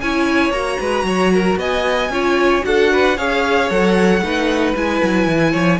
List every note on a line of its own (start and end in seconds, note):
0.00 0.50 C#4
0.00 0.53 E4
0.00 0.80 C#5
0.00 0.51 G#5
0.50 0.76 A#3
0.50 2.11 F#4
0.50 1.57 A#5
0.80 1.03 G#3
0.80 1.06 B4
1.03 1.56 F#3
1.03 1.33 C#5
1.33 1.59 A#4
1.56 2.09 B3
1.56 2.11 D#5
1.56 2.65 G#5
2.09 2.61 C#4
2.09 2.62 F4
2.09 2.65 C#5
2.62 3.18 D4
2.62 3.14 F#4
2.62 2.92 A4
2.62 3.17 F#5
2.92 3.16 B4
3.16 3.70 C#4
3.16 3.70 G#4
3.16 4.22 C#5
3.16 3.70 F5
3.70 4.21 F#3
3.70 4.22 A4
3.70 4.75 F#5
4.21 4.74 A3
4.21 4.75 D#4
4.21 5.51 B4
4.75 5.01 G#3
4.75 5.79 E4
4.75 5.79 G#5
5.03 5.27 F#3
5.27 5.53 E3
5.51 5.79 F3
5.51 5.78 C#5